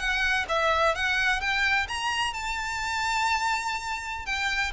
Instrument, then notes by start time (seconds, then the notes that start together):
violin
0.00 F#5
0.49 E5
0.95 F#5
1.41 G5
1.89 A#5
2.34 A5
4.26 G5